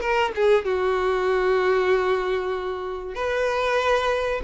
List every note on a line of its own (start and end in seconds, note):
0.00 0.32 A#4
0.35 0.65 G#4
0.65 3.14 F#4
3.14 4.41 B4